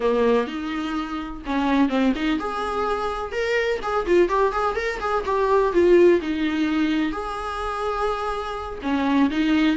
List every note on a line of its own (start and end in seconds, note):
0.00 0.47 A#3
0.47 1.42 D#4
1.45 1.89 C#4
1.89 2.13 C4
2.15 2.39 D#4
2.39 3.32 G#4
3.32 3.79 A#4
3.82 4.06 G#4
4.06 4.29 F4
4.29 4.52 G4
4.52 4.75 G#4
4.75 4.99 A#4
5.00 5.24 G#4
5.25 5.72 G4
5.72 6.20 F4
6.21 7.12 D#4
7.12 8.78 G#4
8.82 9.30 C#4
9.30 9.76 D#4